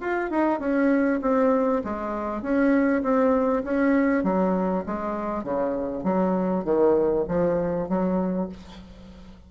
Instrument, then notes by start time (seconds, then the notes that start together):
bassoon
0.00 F4
0.30 D#4
0.59 C#4
1.21 C4
1.83 G#3
2.41 C#4
3.02 C4
3.63 C#4
4.23 F#3
4.86 G#3
5.43 C#3
6.03 F#3
6.64 D#3
7.28 F3
7.88 F#3